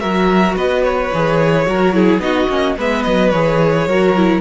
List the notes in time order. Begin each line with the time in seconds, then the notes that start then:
0.00 F#3 F#4 A#4 E5
0.56 B3 B4 D#5
0.84 C#5
1.14 E3 G#4
1.66 F#3 F#4 A#4
1.94 E4 G#4
2.19 B3 D#4 F#4 D#5
2.49 A#3 C#4
2.78 G#3 B3 B4 E5
3.03 F#3 D#5
3.30 E3 G#4 C#5
3.87 F#3 F#4 A#4
4.17 E4